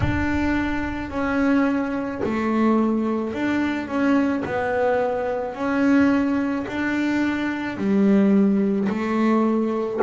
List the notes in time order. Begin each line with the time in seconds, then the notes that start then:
0.00 D4
1.10 C#4
2.23 A3
3.33 D4
3.87 C#4
4.45 B3
5.55 C#4
6.67 D4
7.77 G3
8.88 A3